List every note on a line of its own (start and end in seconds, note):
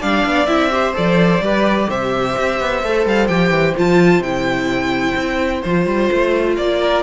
0.00 0.25 G3
0.00 0.47 D4
0.00 0.70 D5
0.00 0.46 F5
0.26 0.47 B3
0.46 0.94 C4
0.46 0.70 E4
0.46 0.93 E5
0.70 0.93 G4
0.70 1.43 C5
0.93 1.40 F3
0.93 1.40 A4
0.93 1.90 D5
1.40 1.87 G3
1.40 2.83 G4
1.40 1.88 B4
1.88 2.37 C3
1.88 6.80 C5
1.88 3.07 E5
2.37 2.60 C4
2.60 2.83 B3
2.83 3.05 A3
2.83 3.28 A4
3.05 3.29 G3
3.05 3.27 F5
3.27 3.50 F3
3.27 3.75 G4
3.27 3.74 G5
3.50 3.73 E3
3.77 4.19 F3
3.77 4.23 F4
3.77 4.22 A5
4.19 5.13 C3
4.19 5.63 E4
4.19 5.61 G5
5.15 5.62 C4
5.61 5.86 F3
5.61 7.03 F4
5.61 6.55 C5
5.86 6.09 G3
6.12 6.57 A3
6.57 7.03 A#3
6.57 7.03 D5
6.80 7.03 A#4